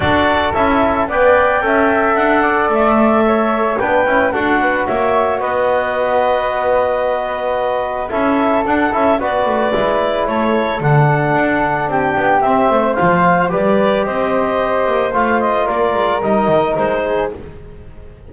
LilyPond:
<<
  \new Staff \with { instrumentName = "clarinet" } { \time 4/4 \tempo 4 = 111 d''4 e''4 g''2 | fis''4 e''2 g''4 | fis''4 e''4 dis''2~ | dis''2. e''4 |
fis''8 e''8 d''2 cis''4 | fis''2 g''4 e''4 | f''4 d''4 dis''2 | f''8 dis''8 d''4 dis''4 c''4 | }
  \new Staff \with { instrumentName = "flute" } { \time 4/4 a'2 d''4 e''4~ | e''8 d''4. cis''4 b'4 | a'8 b'8 cis''4 b'2~ | b'2. a'4~ |
a'4 b'2 a'4~ | a'2 g'4. c''8~ | c''4 b'4 c''2~ | c''4 ais'2~ ais'8 gis'8 | }
  \new Staff \with { instrumentName = "trombone" } { \time 4/4 fis'4 e'4 b'4 a'4~ | a'2. d'8 e'8 | fis'1~ | fis'2. e'4 |
d'8 e'8 fis'4 e'2 | d'2. c'4 | f'4 g'2. | f'2 dis'2 | }
  \new Staff \with { instrumentName = "double bass" } { \time 4/4 d'4 cis'4 b4 cis'4 | d'4 a2 b8 cis'8 | d'4 ais4 b2~ | b2. cis'4 |
d'8 cis'8 b8 a8 gis4 a4 | d4 d'4 c'8 b8 c'8 a8 | f4 g4 c'4. ais8 | a4 ais8 gis8 g8 dis8 gis4 | }
>>